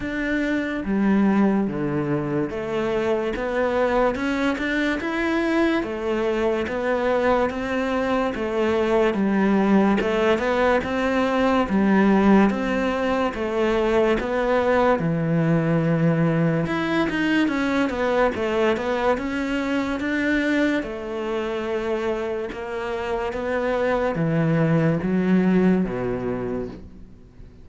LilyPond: \new Staff \with { instrumentName = "cello" } { \time 4/4 \tempo 4 = 72 d'4 g4 d4 a4 | b4 cis'8 d'8 e'4 a4 | b4 c'4 a4 g4 | a8 b8 c'4 g4 c'4 |
a4 b4 e2 | e'8 dis'8 cis'8 b8 a8 b8 cis'4 | d'4 a2 ais4 | b4 e4 fis4 b,4 | }